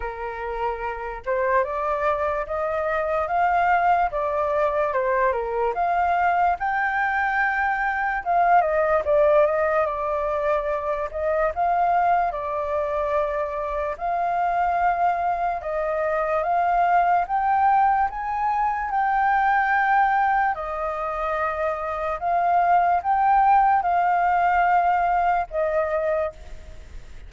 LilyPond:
\new Staff \with { instrumentName = "flute" } { \time 4/4 \tempo 4 = 73 ais'4. c''8 d''4 dis''4 | f''4 d''4 c''8 ais'8 f''4 | g''2 f''8 dis''8 d''8 dis''8 | d''4. dis''8 f''4 d''4~ |
d''4 f''2 dis''4 | f''4 g''4 gis''4 g''4~ | g''4 dis''2 f''4 | g''4 f''2 dis''4 | }